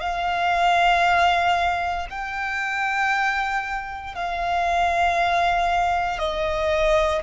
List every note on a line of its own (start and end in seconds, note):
0.00 2.07 F5
2.10 4.14 G5
4.14 6.18 F5
6.18 7.22 D#5